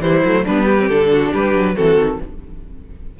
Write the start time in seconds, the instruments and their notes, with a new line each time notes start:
0.00 cello E3, viola G3, violin E4 C5
0.24 cello F#3, viola A3
0.44 cello G3, viola B3, violin D4 B4
0.65 violin G4
0.79 viola C4
0.88 cello D3, viola D4, violin A4
1.12 violin F#4
1.31 cello G3, violin G4 B4
1.54 cello F#3
1.75 cello E3, viola C4, violin F#4 A4
1.97 cello D#3